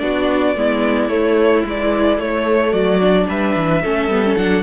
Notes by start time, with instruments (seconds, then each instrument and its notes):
0.00 cello B3, viola D4, violin F#4 D5
0.55 cello G#3, viola B3, violin E4
1.09 cello A3, viola A3, violin C#5
1.65 viola E3, cello G#3, violin D5
2.18 cello A3, viola A3, violin C#5
2.71 cello F#3, violin F#4 D5
3.01 viola D4
3.29 cello G3, violin B4 E5
3.56 cello E3
3.83 cello A3, viola C#4, violin A4
4.09 cello G3, viola B3
4.25 viola C#4
4.37 cello F#3, viola D4, violin F#5